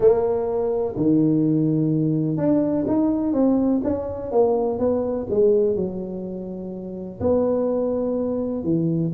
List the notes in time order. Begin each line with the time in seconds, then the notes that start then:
0.00 A#3
0.96 D#3
2.37 D4
2.87 D#4
3.33 C4
3.83 C#4
4.31 A#3
4.78 B3
5.30 G#3
5.75 F#3
7.20 B3
8.63 E3